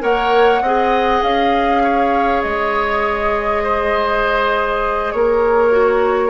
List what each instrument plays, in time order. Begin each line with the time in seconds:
0.00 bassoon A#3, clarinet A#4, oboe C#5, flute F#5
0.62 bassoon C4, clarinet G#4, oboe D#5
1.23 bassoon C#4, flute F5
1.83 oboe C#5
2.42 bassoon G#3, flute D#5
3.63 oboe C5
5.12 bassoon A#3, oboe A#4, flute C#5
5.71 clarinet F#4